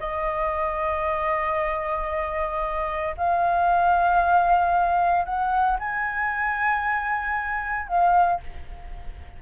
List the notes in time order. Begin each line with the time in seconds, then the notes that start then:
0.00 D#5
3.18 F5
5.26 F#5
5.80 G#5
7.89 F5